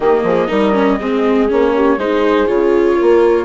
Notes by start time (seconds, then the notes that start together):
0.00 D#3 A#3 G4 D#5
0.23 F3 G#4
0.48 G3 D#4 A#4
0.72 C#4
0.99 G#3 C4 G#4
1.48 A#3 C#4 C#5
1.74 G4
1.97 G#3 D#4 G#4 C5
2.46 C#3 F4 C#5
2.98 A#3 A#4